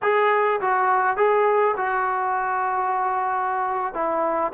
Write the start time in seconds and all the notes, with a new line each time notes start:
0.02 G#4
0.60 F#4
1.17 G#4
1.76 F#4
3.93 E4